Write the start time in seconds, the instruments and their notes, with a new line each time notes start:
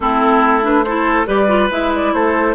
0.00 bassoon A3, clarinet C4, oboe E4, flute A4
0.62 clarinet D4, flute B4
0.83 clarinet E4, oboe A4, flute C5
1.26 bassoon G3, clarinet G4, oboe B4, flute D5
1.47 clarinet F4
1.70 bassoon G#3, clarinet E4, flute E5
1.94 flute D5
2.13 bassoon A3, oboe A4, flute C5